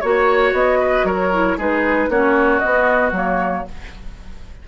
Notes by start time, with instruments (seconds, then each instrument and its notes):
0.00 bassoon A#3, clarinet F#4, flute C#5, oboe C#5
0.52 bassoon B3, flute D#5
0.80 oboe B4
1.03 bassoon F#3, oboe A#4, flute C#5
1.32 clarinet E4
1.57 bassoon G#3, clarinet D#4, oboe G#4, flute B4
2.08 bassoon A#3, clarinet C#4, oboe F#4, flute C#5
2.58 clarinet B3, bassoon B3, flute D#5
3.11 bassoon F#3, clarinet A#3, flute C#5